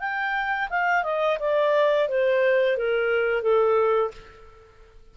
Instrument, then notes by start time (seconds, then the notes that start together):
clarinet
0.00 G5
0.70 F5
1.04 D#5
1.40 D5
2.09 C5
2.77 A#4
3.42 A4